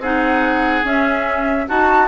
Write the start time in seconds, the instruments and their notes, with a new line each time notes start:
0.00 bassoon C4, clarinet D#4, oboe G#4, flute F#5
0.85 clarinet C#4, bassoon C#4, flute E5
1.68 bassoon D#4, clarinet F#4, oboe F#4, flute A5